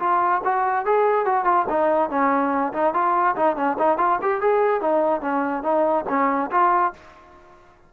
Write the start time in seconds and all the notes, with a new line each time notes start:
0.00 F4
0.45 F#4
0.86 G#4
1.26 F#4
1.45 F4
1.70 D#4
2.10 C#4
2.73 D#4
2.94 F4
3.36 D#4
3.57 C#4
3.79 D#4
3.98 F4
4.22 G4
4.42 G#4
4.81 D#4
5.22 C#4
5.64 D#4
6.09 C#4
6.52 F4